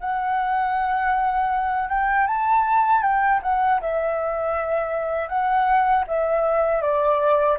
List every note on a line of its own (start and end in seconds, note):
0.00 1.89 F#5
1.89 2.27 G5
2.27 3.02 A5
3.02 3.40 G5
3.42 3.80 F#5
3.81 5.29 E5
5.29 6.04 F#5
6.08 6.82 E5
6.82 7.58 D5